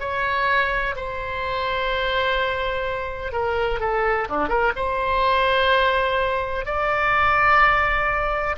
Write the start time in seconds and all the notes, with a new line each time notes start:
0.00 C#5
0.97 C5
3.33 A#4
3.81 A4
4.30 D4
4.49 A#4
4.76 C5
6.66 D5